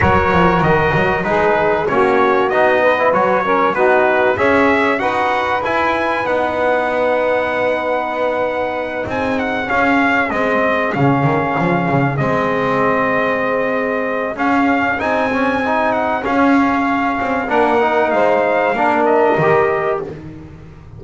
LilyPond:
<<
  \new Staff \with { instrumentName = "trumpet" } { \time 4/4 \tempo 4 = 96 cis''4 dis''4 b'4 cis''4 | dis''4 cis''4 b'4 e''4 | fis''4 gis''4 fis''2~ | fis''2~ fis''8 gis''8 fis''8 f''8~ |
f''8 dis''4 f''2 dis''8~ | dis''2. f''4 | gis''4. fis''8 f''2 | fis''4 f''4. dis''4. | }
  \new Staff \with { instrumentName = "saxophone" } { \time 4/4 ais'2 gis'4 fis'4~ | fis'8 b'4 ais'8 fis'4 cis''4 | b'1~ | b'2~ b'8 gis'4.~ |
gis'1~ | gis'1~ | gis'1 | ais'4 c''4 ais'2 | }
  \new Staff \with { instrumentName = "trombone" } { \time 4/4 fis'2 dis'4 cis'4 | dis'8. e'16 fis'8 cis'8 dis'4 gis'4 | fis'4 e'4 dis'2~ | dis'2.~ dis'8 cis'8~ |
cis'8 c'4 cis'2 c'8~ | c'2. cis'4 | dis'8 cis'8 dis'4 cis'2 | d'8 dis'4. d'4 g'4 | }
  \new Staff \with { instrumentName = "double bass" } { \time 4/4 fis8 f8 dis8 fis8 gis4 ais4 | b4 fis4 b4 cis'4 | dis'4 e'4 b2~ | b2~ b8 c'4 cis'8~ |
cis'8 gis4 cis8 dis8 f8 cis8 gis8~ | gis2. cis'4 | c'2 cis'4. c'8 | ais4 gis4 ais4 dis4 | }
>>